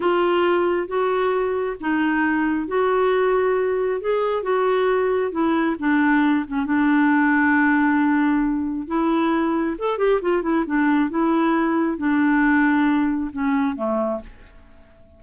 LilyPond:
\new Staff \with { instrumentName = "clarinet" } { \time 4/4 \tempo 4 = 135 f'2 fis'2 | dis'2 fis'2~ | fis'4 gis'4 fis'2 | e'4 d'4. cis'8 d'4~ |
d'1 | e'2 a'8 g'8 f'8 e'8 | d'4 e'2 d'4~ | d'2 cis'4 a4 | }